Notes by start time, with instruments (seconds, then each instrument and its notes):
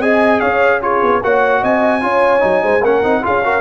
0.00 tuba C4, trombone G#4, horn D#5, trumpet G#5
0.40 tuba C#4, horn C#5, trumpet F5
0.82 trombone F4, horn G#4, trumpet C#5
1.03 tuba B3
1.22 tuba A#3, trombone F#4, horn C#5, trumpet F#5
1.61 tuba C4, horn D#5, trumpet G#5
2.01 tuba C#4, trombone F4, horn C#5
2.40 tuba F#3, trombone D#4
2.63 tuba G#3, horn C5
2.82 tuba A#3, trombone C#4, horn A#4, trumpet F#5
3.04 tuba C4, trombone D#4
3.22 tuba C#4, trombone F4, horn G#4, trumpet F5
3.44 trombone F#4, horn A#4